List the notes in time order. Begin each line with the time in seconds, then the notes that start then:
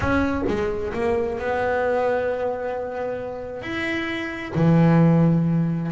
0.00 C#4
0.48 G#3
0.93 A#3
1.38 B3
3.62 E4
4.55 E3